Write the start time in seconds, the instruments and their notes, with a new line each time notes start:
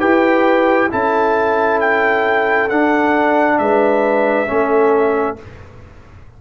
0.00 tuba E4, trombone G4, horn B4, trumpet G5
0.91 tuba C#4, trombone E4, horn A4, trumpet A5
1.81 trumpet G5
2.70 tuba D4, trombone D4, trumpet F#5
3.59 tuba G#3, horn B4, trumpet E5
4.47 tuba A3, trombone C#4, horn A4